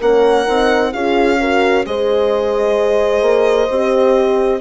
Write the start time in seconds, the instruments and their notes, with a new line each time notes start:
0.00 bassoon A#3, horn C#4 A#4, violin F#5
0.46 bassoon C4, horn D#4
0.93 bassoon C#4, horn F4 G#4, violin F5
1.40 horn F#4 A#4
1.85 bassoon G#3, horn G#4 C5, violin D#5
3.22 bassoon A#3
3.70 bassoon C4, horn G4